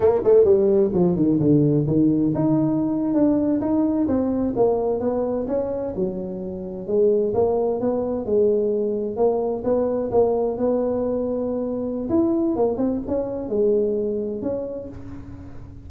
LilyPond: \new Staff \with { instrumentName = "tuba" } { \time 4/4 \tempo 4 = 129 ais8 a8 g4 f8 dis8 d4 | dis4 dis'4.~ dis'16 d'4 dis'16~ | dis'8. c'4 ais4 b4 cis'16~ | cis'8. fis2 gis4 ais16~ |
ais8. b4 gis2 ais16~ | ais8. b4 ais4 b4~ b16~ | b2 e'4 ais8 c'8 | cis'4 gis2 cis'4 | }